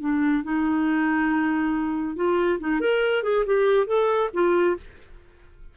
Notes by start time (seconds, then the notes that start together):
0.00 D4
0.43 D#4
2.16 F4
2.60 D#4
2.80 A#4
3.23 G#4
3.46 G4
3.87 A4
4.33 F4